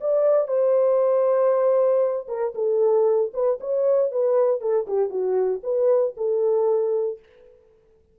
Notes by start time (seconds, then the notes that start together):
0.00 D5
0.47 C5
2.28 A#4
2.54 A4
3.33 B4
3.60 C#5
4.11 B4
4.60 A4
4.87 G4
5.09 F#4
5.63 B4
6.16 A4